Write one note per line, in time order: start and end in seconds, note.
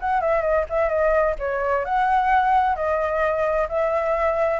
0.00 0.21 F#5
0.21 0.42 E5
0.42 0.65 D#5
0.70 0.89 E5
0.89 1.35 D#5
1.39 1.85 C#5
1.85 2.75 F#5
2.75 3.68 D#5
3.69 4.60 E5